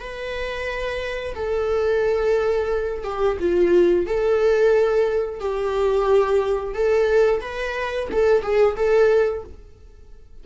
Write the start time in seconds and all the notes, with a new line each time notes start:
0.00 B4
1.35 A4
3.04 G4
3.40 F4
4.07 A4
5.40 G4
6.74 A4
7.41 B4
8.12 A4
8.42 G#4
8.76 A4